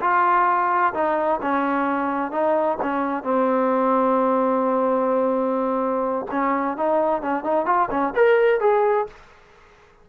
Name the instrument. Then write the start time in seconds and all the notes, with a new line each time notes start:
trombone
0.00 F4
0.93 D#4
1.41 C#4
2.31 D#4
2.81 C#4
3.23 C4
6.31 C#4
6.77 D#4
7.21 C#4
7.43 D#4
7.65 F4
7.90 C#4
8.15 A#4
8.60 G#4